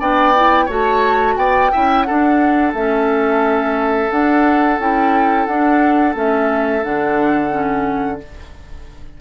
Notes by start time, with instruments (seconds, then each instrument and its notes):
0.00 bassoon B3, clarinet D4, oboe D5, flute G5
0.36 clarinet E4
0.66 bassoon A3, clarinet F#4, oboe C#5, flute A5
1.37 bassoon B3, oboe D5, flute G5
1.72 bassoon C#4, clarinet E4, oboe E5
2.03 clarinet D4, bassoon D4, oboe A4, flute F#5
2.74 bassoon A3, clarinet C#4, flute E5
4.11 clarinet D4, bassoon D4, flute F#5
4.79 bassoon C#4, clarinet E4, flute G5
5.46 bassoon D4, clarinet D4, flute F#5
6.14 bassoon A3, clarinet C#4, flute E5
6.84 bassoon D3, clarinet D4, flute F#5
7.51 clarinet C#4